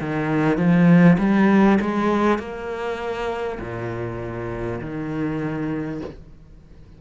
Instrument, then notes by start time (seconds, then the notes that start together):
cello
0.00 D#3
0.57 F3
1.18 G3
1.81 G#3
2.39 A#3
3.60 A#2
4.81 D#3